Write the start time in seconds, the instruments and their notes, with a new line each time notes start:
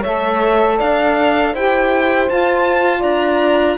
0.00 cello A3, saxophone A4, horn C#5, violin E5
0.77 cello D4, horn D5, violin F5
1.52 cello E4, saxophone G4, horn C5, violin G5
2.28 saxophone F4, cello F4, violin A5
3.00 cello D4, horn D5, violin A#5